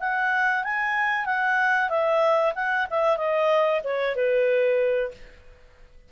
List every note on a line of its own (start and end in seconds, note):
0.00 0.64 F#5
0.64 1.26 G#5
1.26 1.89 F#5
1.89 2.53 E5
2.55 2.87 F#5
2.90 3.17 E5
3.17 3.81 D#5
3.84 4.16 C#5
4.16 5.12 B4